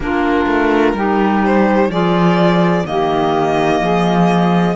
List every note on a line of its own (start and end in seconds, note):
0.00 0.46 A#3
0.00 0.96 D4
0.00 0.95 F4
0.00 1.44 A#4
0.46 0.93 A3
0.93 1.88 G3
0.93 1.91 D#4
0.93 1.89 G4
1.44 1.91 C5
1.88 2.83 F3
1.88 2.85 F4
1.88 2.84 G#4
1.88 2.86 D5
2.85 3.81 D#3
2.85 4.75 A#3
2.85 3.81 G4
2.85 4.75 D#5
3.81 4.75 F3
3.81 4.75 G#4